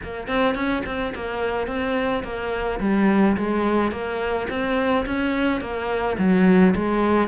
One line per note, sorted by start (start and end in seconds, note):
0.03 0.27 A#3
0.27 0.55 C4
0.55 0.83 C#4
0.85 1.13 C4
1.14 1.67 A#3
1.67 2.23 C4
2.23 2.79 A#3
2.80 3.36 G3
3.36 3.91 G#3
3.91 4.47 A#3
4.49 5.05 C4
5.05 5.60 C#4
5.60 6.16 A#3
6.18 6.74 F#3
6.75 7.28 G#3